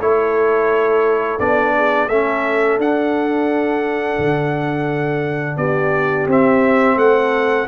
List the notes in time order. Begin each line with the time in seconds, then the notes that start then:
0.00 A3 E4 A4 C#5
1.39 B3 D4 D5
1.76 G#4
2.09 A3 C#4 A4 E5
2.78 D4 F#5
4.19 D3
5.57 B3 G4 D5
6.27 C4 E5
6.96 A3 A4 F#5